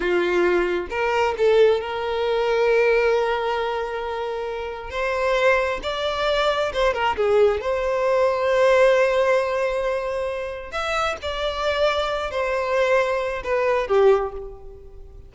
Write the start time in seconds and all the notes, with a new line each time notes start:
0.00 F4
0.90 A#4
1.37 A4
1.80 A#4
4.90 C5
5.82 D5
6.73 C5
6.93 A#4
7.16 G#4
7.60 C5
10.71 E5
11.21 D5
12.30 C5
13.43 B4
13.87 G4